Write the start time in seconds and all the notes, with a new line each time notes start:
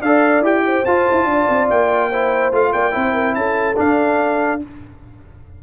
0.00 D4 A4 D5 F5
0.41 E4 G4 G5
0.65 C5
0.85 F4 A5
1.11 E4
1.24 D4 D5
1.49 C4
1.70 A#3 G5
2.09 E4 C5
2.52 A3 F4 F5
2.72 A#3 D5 G5
2.91 C4 E4 C5
3.13 A#4
3.34 C#4 A4 A5
3.76 D4 F5